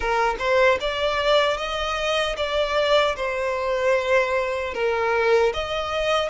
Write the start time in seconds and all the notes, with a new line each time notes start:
0.00 A#4
0.38 C5
0.80 D5
1.57 D#5
2.36 D5
3.16 C5
4.74 A#4
5.53 D#5